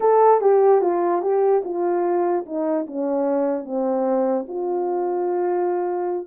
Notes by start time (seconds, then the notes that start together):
0.00 A4
0.40 G4
0.81 F4
1.22 G4
1.64 F4
2.45 D#4
2.87 C#4
3.64 C4
4.47 F4